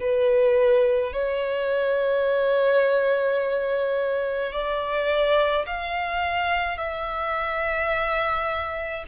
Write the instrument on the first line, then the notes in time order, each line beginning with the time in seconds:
violin
0.00 B4
1.13 C#5
4.53 D5
5.67 F5
6.78 E5